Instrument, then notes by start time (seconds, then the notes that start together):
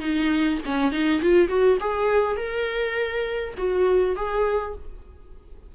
viola
0.00 D#4
0.66 C#4
0.92 D#4
1.22 F4
1.49 F#4
1.80 G#4
2.37 A#4
3.58 F#4
4.16 G#4